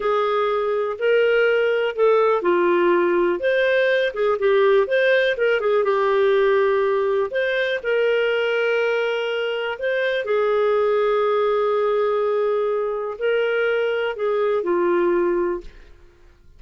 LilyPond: \new Staff \with { instrumentName = "clarinet" } { \time 4/4 \tempo 4 = 123 gis'2 ais'2 | a'4 f'2 c''4~ | c''8 gis'8 g'4 c''4 ais'8 gis'8 | g'2. c''4 |
ais'1 | c''4 gis'2.~ | gis'2. ais'4~ | ais'4 gis'4 f'2 | }